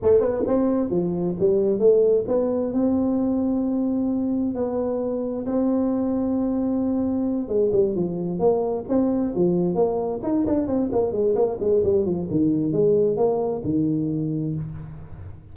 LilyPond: \new Staff \with { instrumentName = "tuba" } { \time 4/4 \tempo 4 = 132 a8 b8 c'4 f4 g4 | a4 b4 c'2~ | c'2 b2 | c'1~ |
c'8 gis8 g8 f4 ais4 c'8~ | c'8 f4 ais4 dis'8 d'8 c'8 | ais8 gis8 ais8 gis8 g8 f8 dis4 | gis4 ais4 dis2 | }